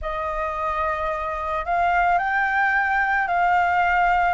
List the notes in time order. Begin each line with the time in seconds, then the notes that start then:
0.01 D#5
1.65 F5
2.18 G5
3.27 F5